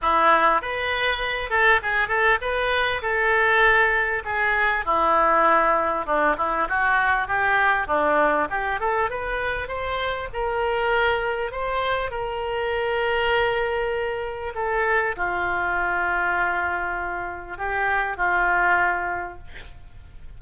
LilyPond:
\new Staff \with { instrumentName = "oboe" } { \time 4/4 \tempo 4 = 99 e'4 b'4. a'8 gis'8 a'8 | b'4 a'2 gis'4 | e'2 d'8 e'8 fis'4 | g'4 d'4 g'8 a'8 b'4 |
c''4 ais'2 c''4 | ais'1 | a'4 f'2.~ | f'4 g'4 f'2 | }